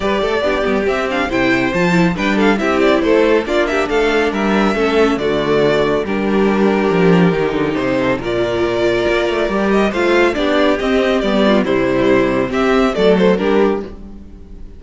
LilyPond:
<<
  \new Staff \with { instrumentName = "violin" } { \time 4/4 \tempo 4 = 139 d''2 e''8 f''8 g''4 | a''4 g''8 f''8 e''8 d''8 c''4 | d''8 e''8 f''4 e''2 | d''2 ais'2~ |
ais'2 c''4 d''4~ | d''2~ d''8 dis''8 f''4 | d''4 dis''4 d''4 c''4~ | c''4 e''4 d''8 c''8 ais'4 | }
  \new Staff \with { instrumentName = "violin" } { \time 4/4 b'8 a'8 g'2 c''4~ | c''4 b'8 a'8 g'4 a'4 | f'8 g'8 a'4 ais'4 a'4 | fis'2 g'2~ |
g'2~ g'8 a'8 ais'4~ | ais'2. c''4 | g'2~ g'8 f'8 e'4~ | e'4 g'4 a'4 g'4 | }
  \new Staff \with { instrumentName = "viola" } { \time 4/4 g'4 d'8 b8 c'8 d'8 e'4 | f'8 e'8 d'4 e'2 | d'2. cis'4 | a2 d'2~ |
d'4 dis'2 f'4~ | f'2 g'4 f'4 | d'4 c'4 b4 g4~ | g4 c'4 a4 d'4 | }
  \new Staff \with { instrumentName = "cello" } { \time 4/4 g8 a8 b8 g8 c'4 c4 | f4 g4 c'4 a4 | ais4 a4 g4 a4 | d2 g2 |
f4 dis8 d8 c4 ais,4~ | ais,4 ais8 a8 g4 a4 | b4 c'4 g4 c4~ | c4 c'4 fis4 g4 | }
>>